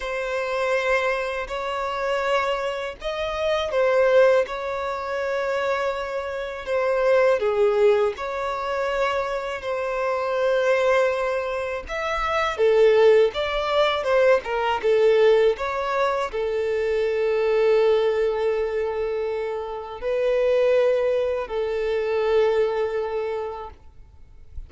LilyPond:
\new Staff \with { instrumentName = "violin" } { \time 4/4 \tempo 4 = 81 c''2 cis''2 | dis''4 c''4 cis''2~ | cis''4 c''4 gis'4 cis''4~ | cis''4 c''2. |
e''4 a'4 d''4 c''8 ais'8 | a'4 cis''4 a'2~ | a'2. b'4~ | b'4 a'2. | }